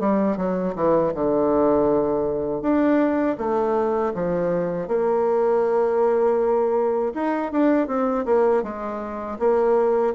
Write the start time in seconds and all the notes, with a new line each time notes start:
0.00 G3
0.37 F#3
0.76 E3
1.14 D3
2.62 D4
3.38 A3
4.14 F3
4.88 A#3
7.14 D#4
7.52 D4
7.88 C4
8.26 A#3
8.63 G#3
9.39 A#3